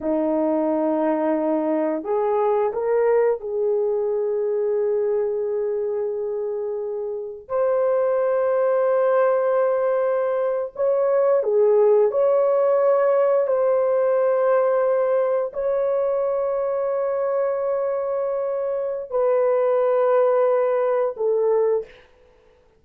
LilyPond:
\new Staff \with { instrumentName = "horn" } { \time 4/4 \tempo 4 = 88 dis'2. gis'4 | ais'4 gis'2.~ | gis'2. c''4~ | c''2.~ c''8. cis''16~ |
cis''8. gis'4 cis''2 c''16~ | c''2~ c''8. cis''4~ cis''16~ | cis''1 | b'2. a'4 | }